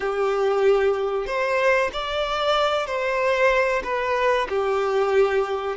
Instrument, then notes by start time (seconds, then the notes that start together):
violin
0.00 G4
1.26 C5
1.92 D5
2.86 C5
3.83 B4
4.49 G4